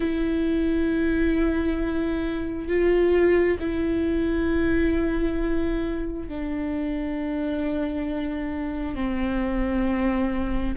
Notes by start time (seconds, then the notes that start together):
0.00 E4
2.68 F4
3.59 E4
6.28 D4
8.95 C4